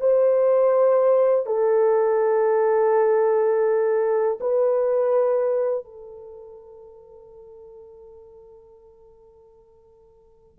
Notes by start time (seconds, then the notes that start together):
0.00 C5
1.46 A4
4.41 B4
5.85 A4